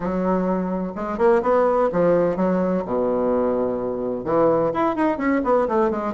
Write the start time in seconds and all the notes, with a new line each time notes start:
0.00 F#3
0.95 G#3
1.17 A#3
1.42 B3
1.92 F3
2.36 F#3
2.85 B2
4.24 E3
4.73 E4
4.95 D#4
5.17 C#4
5.44 B3
5.67 A3
5.90 G#3